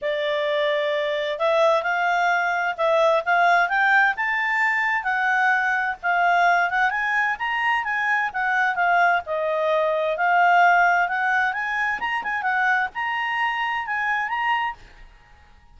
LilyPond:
\new Staff \with { instrumentName = "clarinet" } { \time 4/4 \tempo 4 = 130 d''2. e''4 | f''2 e''4 f''4 | g''4 a''2 fis''4~ | fis''4 f''4. fis''8 gis''4 |
ais''4 gis''4 fis''4 f''4 | dis''2 f''2 | fis''4 gis''4 ais''8 gis''8 fis''4 | ais''2 gis''4 ais''4 | }